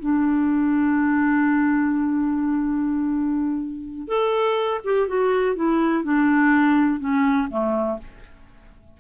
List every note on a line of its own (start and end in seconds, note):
0.00 4.08 D4
4.08 4.81 A4
4.85 5.08 G4
5.08 5.56 F#4
5.56 6.04 E4
6.04 7.00 D4
7.00 7.49 C#4
7.51 7.99 A3